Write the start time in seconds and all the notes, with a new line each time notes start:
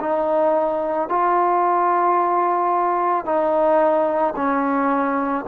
0.00 D#4
1.09 F4
3.25 D#4
4.36 C#4